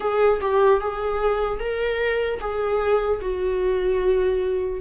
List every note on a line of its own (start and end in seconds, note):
0.00 0.40 G#4
0.40 0.80 G4
0.80 1.59 G#4
1.59 2.39 A#4
2.40 3.20 G#4
3.21 4.80 F#4